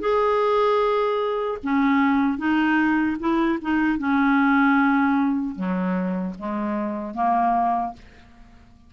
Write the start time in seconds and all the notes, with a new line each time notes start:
0.00 G#4
1.63 C#4
2.38 D#4
3.19 E4
3.62 D#4
3.98 C#4
5.56 F#3
6.38 G#3
7.14 A#3